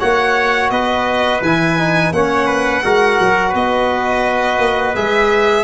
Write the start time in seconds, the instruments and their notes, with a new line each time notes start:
0.00 tuba A#3, trombone F#4, trumpet C#5, violin F#5
0.70 tuba B3, trumpet B4, violin D#5
1.42 tuba E3, trombone E4, violin G#5
1.79 trombone D#4
2.12 tuba A#3, trombone C#4, trumpet C#5, violin F#5
2.47 trumpet B4
2.84 tuba G#3, trombone F#4, trumpet A#4
3.20 tuba F#3
3.50 tuba B3, trumpet B4, violin D#5
4.59 tuba A#3
4.96 tuba G#3, trombone G#4, violin E5